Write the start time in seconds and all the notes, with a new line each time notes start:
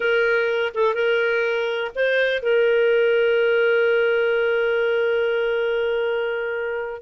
0.00 A#4
0.74 A4
0.94 A#4
1.95 C5
2.42 A#4